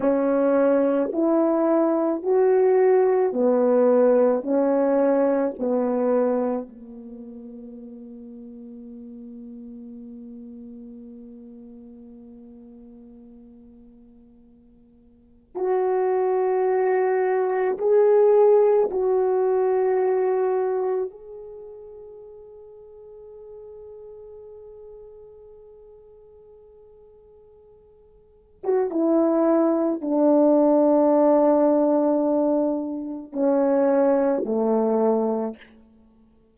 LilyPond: \new Staff \with { instrumentName = "horn" } { \time 4/4 \tempo 4 = 54 cis'4 e'4 fis'4 b4 | cis'4 b4 ais2~ | ais1~ | ais2 fis'2 |
gis'4 fis'2 gis'4~ | gis'1~ | gis'4.~ gis'16 fis'16 e'4 d'4~ | d'2 cis'4 a4 | }